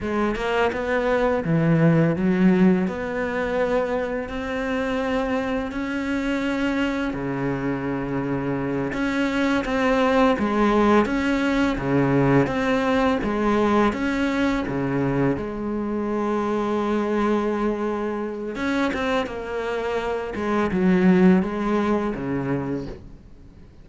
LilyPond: \new Staff \with { instrumentName = "cello" } { \time 4/4 \tempo 4 = 84 gis8 ais8 b4 e4 fis4 | b2 c'2 | cis'2 cis2~ | cis8 cis'4 c'4 gis4 cis'8~ |
cis'8 cis4 c'4 gis4 cis'8~ | cis'8 cis4 gis2~ gis8~ | gis2 cis'8 c'8 ais4~ | ais8 gis8 fis4 gis4 cis4 | }